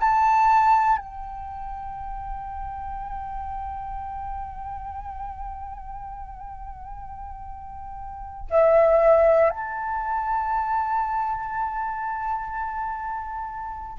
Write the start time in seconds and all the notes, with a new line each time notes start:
0.00 A5
0.97 G5
8.50 E5
9.50 A5